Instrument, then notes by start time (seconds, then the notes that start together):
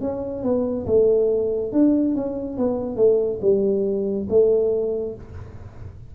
tuba
0.00 C#4
0.42 B3
0.86 A3
1.72 D4
2.15 C#4
2.57 B3
2.96 A3
3.41 G3
4.29 A3